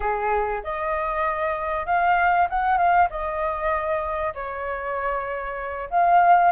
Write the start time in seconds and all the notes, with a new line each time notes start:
0.00 G#4
0.63 D#5
1.86 F5
2.49 F#5
2.77 F5
3.10 D#5
4.34 C#5
5.90 F5